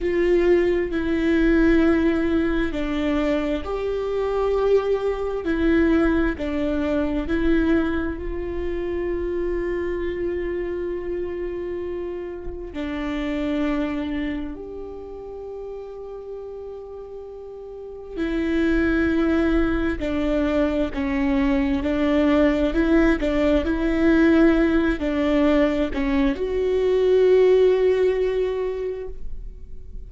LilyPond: \new Staff \with { instrumentName = "viola" } { \time 4/4 \tempo 4 = 66 f'4 e'2 d'4 | g'2 e'4 d'4 | e'4 f'2.~ | f'2 d'2 |
g'1 | e'2 d'4 cis'4 | d'4 e'8 d'8 e'4. d'8~ | d'8 cis'8 fis'2. | }